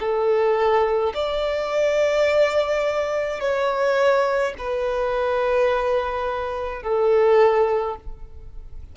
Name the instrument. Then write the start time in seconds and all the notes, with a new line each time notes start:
violin
0.00 A4
1.15 D5
3.41 C#5
4.58 B4
6.83 A4